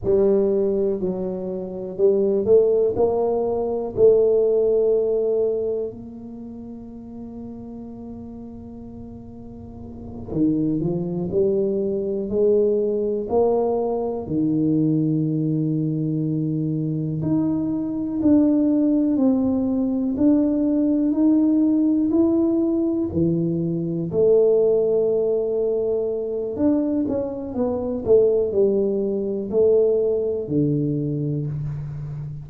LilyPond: \new Staff \with { instrumentName = "tuba" } { \time 4/4 \tempo 4 = 61 g4 fis4 g8 a8 ais4 | a2 ais2~ | ais2~ ais8 dis8 f8 g8~ | g8 gis4 ais4 dis4.~ |
dis4. dis'4 d'4 c'8~ | c'8 d'4 dis'4 e'4 e8~ | e8 a2~ a8 d'8 cis'8 | b8 a8 g4 a4 d4 | }